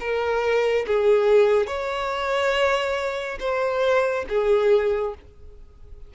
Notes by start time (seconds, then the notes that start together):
0.00 A#4
0.87 G#4
1.67 C#5
3.40 C5
4.29 G#4